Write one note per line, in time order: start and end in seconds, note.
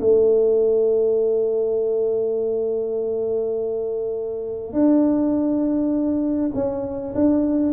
0.00 4.73 A3
4.73 6.51 D4
6.54 7.14 C#4
7.14 7.72 D4